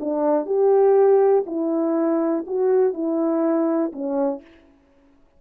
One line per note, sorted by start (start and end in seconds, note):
0.00 0.46 D4
0.46 1.45 G4
1.47 2.45 E4
2.47 2.94 F#4
2.94 3.92 E4
3.93 4.42 C#4